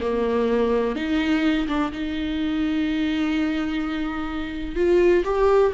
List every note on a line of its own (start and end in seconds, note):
0.00 0.95 A#3
0.95 1.67 D#4
1.67 1.91 D4
1.92 4.75 D#4
4.75 5.23 F4
5.24 5.72 G4